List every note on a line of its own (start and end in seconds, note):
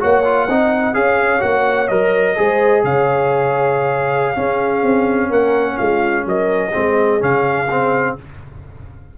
0.00 0.49 A#3
0.00 0.24 F#4
0.00 0.48 C#5
0.00 0.95 F#5
0.25 0.49 F4
0.48 0.95 C4
0.48 0.94 D#4
0.48 0.96 D#5
0.94 1.43 C#4
0.94 1.39 G#4
0.94 2.38 C#5
0.94 1.42 F5
1.39 1.90 A#3
1.39 1.87 F#4
1.39 1.88 F#5
1.88 2.37 F#3
1.88 2.36 A#4
1.88 2.82 D#5
2.36 2.83 G#3
2.36 4.36 G#4
2.36 2.84 C5
2.83 4.37 C#3
2.83 4.38 C#5
2.83 5.32 F5
4.36 6.72 C#4
4.36 4.83 C#4
4.36 5.29 G#4
4.83 5.30 C4
5.29 5.78 A#3
5.29 5.76 A#4
5.29 5.78 F#5
5.78 6.26 G#3
5.78 6.25 F4
5.78 6.25 F5
6.26 6.73 F#3
6.26 6.70 A#4
6.26 7.23 D#5
6.70 7.23 G#3
6.70 7.19 C4
6.70 8.12 G#4
7.19 8.17 C#3
7.19 7.67 C#4
7.19 8.17 F5
7.71 8.18 C4